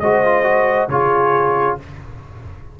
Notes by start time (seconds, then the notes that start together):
0.00 G#3 F#4 C5 D#5
0.25 F4
0.43 F#4
0.88 C#3 F4 G#4 C#5